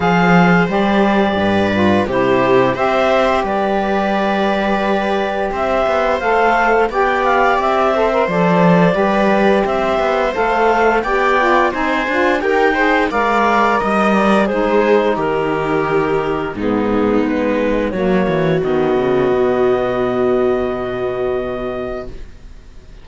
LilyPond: <<
  \new Staff \with { instrumentName = "clarinet" } { \time 4/4 \tempo 4 = 87 f''4 d''2 c''4 | e''4 d''2. | e''4 f''4 g''8 f''8 e''4 | d''2 e''4 f''4 |
g''4 gis''4 g''4 f''4 | dis''8 d''8 c''4 ais'2 | gis'4 b'4 cis''4 dis''4~ | dis''1 | }
  \new Staff \with { instrumentName = "viola" } { \time 4/4 c''2 b'4 g'4 | c''4 b'2. | c''2 d''4. c''8~ | c''4 b'4 c''2 |
d''4 c''4 ais'8 c''8 d''4 | dis''4 gis'4 g'2 | dis'2 fis'2~ | fis'1 | }
  \new Staff \with { instrumentName = "saxophone" } { \time 4/4 gis'4 g'4. f'8 e'4 | g'1~ | g'4 a'4 g'4. a'16 ais'16 | a'4 g'2 a'4 |
g'8 f'8 dis'8 f'8 g'8 gis'8 ais'4~ | ais'4 dis'2. | b2 ais4 b4~ | b1 | }
  \new Staff \with { instrumentName = "cello" } { \time 4/4 f4 g4 g,4 c4 | c'4 g2. | c'8 b8 a4 b4 c'4 | f4 g4 c'8 b8 a4 |
b4 c'8 d'8 dis'4 gis4 | g4 gis4 dis2 | gis,4 gis4 fis8 e8 dis8 cis8 | b,1 | }
>>